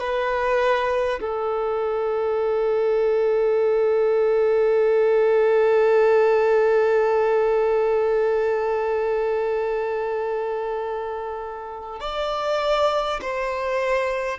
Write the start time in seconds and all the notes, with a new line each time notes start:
0.00 B4
1.21 A4
12.01 D5
13.22 C5